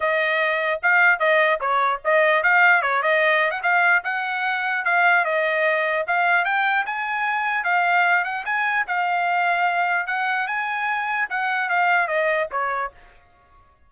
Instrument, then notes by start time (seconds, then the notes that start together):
trumpet
0.00 D#5
0.82 F5
1.19 D#5
1.60 C#5
2.04 D#5
2.43 F5
2.82 C#5
3.02 D#5
3.51 F#5
3.62 F5
4.04 F#5
4.84 F5
5.25 D#5
6.07 F5
6.44 G5
6.85 G#5
7.63 F5
8.24 F#5
8.45 G#5
8.87 F5
10.07 F#5
10.47 G#5
11.29 F#5
11.69 F5
12.07 D#5
12.51 C#5